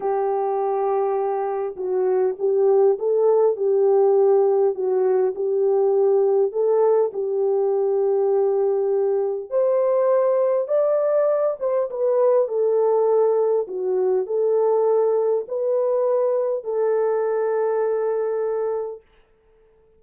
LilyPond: \new Staff \with { instrumentName = "horn" } { \time 4/4 \tempo 4 = 101 g'2. fis'4 | g'4 a'4 g'2 | fis'4 g'2 a'4 | g'1 |
c''2 d''4. c''8 | b'4 a'2 fis'4 | a'2 b'2 | a'1 | }